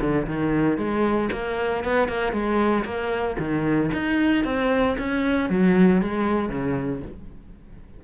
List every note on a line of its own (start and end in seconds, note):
0.00 0.26 D3
0.27 0.77 D#3
0.77 1.29 G#3
1.32 1.84 A#3
1.84 2.08 B3
2.08 2.32 A#3
2.32 2.84 G#3
2.84 3.37 A#3
3.38 3.91 D#3
3.92 4.44 D#4
4.44 4.96 C4
4.98 5.49 C#4
5.49 6.01 F#3
6.01 6.49 G#3
6.49 7.01 C#3